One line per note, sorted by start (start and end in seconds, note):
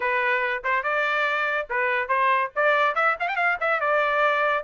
0.00 0.62 B4
0.64 0.83 C5
0.83 1.67 D5
1.69 2.08 B4
2.08 2.50 C5
2.55 2.95 D5
2.95 3.16 E5
3.19 3.28 F5
3.28 3.36 G5
3.36 3.57 F5
3.60 3.80 E5
3.80 4.63 D5